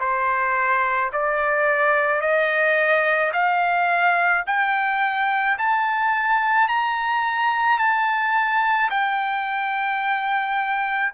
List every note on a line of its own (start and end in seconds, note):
0.00 1.11 C5
1.13 2.21 D5
2.21 3.32 D#5
3.33 4.44 F5
4.47 5.58 G5
5.59 6.69 A5
6.69 7.79 A#5
7.79 8.90 A5
8.90 11.13 G5